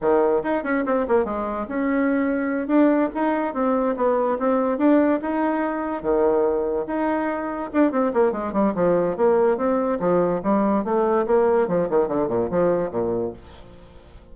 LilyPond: \new Staff \with { instrumentName = "bassoon" } { \time 4/4 \tempo 4 = 144 dis4 dis'8 cis'8 c'8 ais8 gis4 | cis'2~ cis'8 d'4 dis'8~ | dis'8 c'4 b4 c'4 d'8~ | d'8 dis'2 dis4.~ |
dis8 dis'2 d'8 c'8 ais8 | gis8 g8 f4 ais4 c'4 | f4 g4 a4 ais4 | f8 dis8 d8 ais,8 f4 ais,4 | }